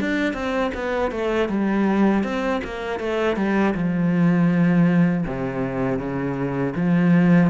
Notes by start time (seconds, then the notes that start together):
0.00 D4
0.34 C4
0.74 B3
1.11 A3
1.49 G3
2.24 C4
2.64 A#3
2.99 A3
3.36 G3
3.74 F3
5.26 C3
5.99 C#3
6.76 F3